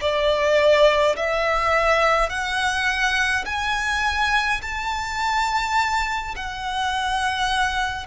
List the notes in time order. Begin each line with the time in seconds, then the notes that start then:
0.00 D5
1.16 E5
2.29 F#5
3.45 G#5
4.62 A5
6.35 F#5